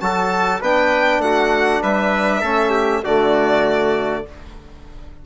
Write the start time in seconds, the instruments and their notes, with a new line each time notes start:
0.00 bassoon F#3, trombone F#4, trumpet A4, violin A5
0.61 bassoon B3, trombone D4, trumpet B4, violin G5
1.18 bassoon A3, trumpet F#4, violin F#5
1.82 bassoon G3, trumpet B4, violin E5
2.40 bassoon A3, trombone C#4, trumpet A4
2.70 trumpet G4
3.03 bassoon D3, trombone A3, trumpet F#4, violin D5